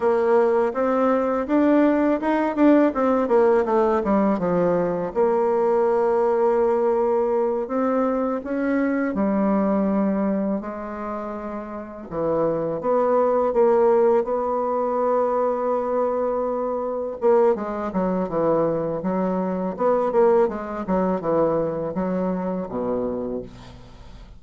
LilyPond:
\new Staff \with { instrumentName = "bassoon" } { \time 4/4 \tempo 4 = 82 ais4 c'4 d'4 dis'8 d'8 | c'8 ais8 a8 g8 f4 ais4~ | ais2~ ais8 c'4 cis'8~ | cis'8 g2 gis4.~ |
gis8 e4 b4 ais4 b8~ | b2.~ b8 ais8 | gis8 fis8 e4 fis4 b8 ais8 | gis8 fis8 e4 fis4 b,4 | }